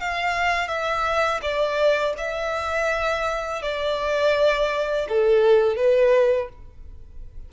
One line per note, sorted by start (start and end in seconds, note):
0.00 0.68 F5
0.68 1.40 E5
1.42 2.14 D5
2.18 3.62 E5
3.62 5.07 D5
5.09 5.76 A4
5.76 6.49 B4